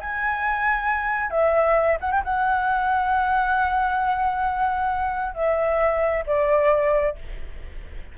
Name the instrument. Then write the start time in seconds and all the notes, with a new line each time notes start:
flute
0.00 G#5
1.31 E5
2.01 F#5
2.11 G5
2.25 F#5
5.34 E5
6.26 D5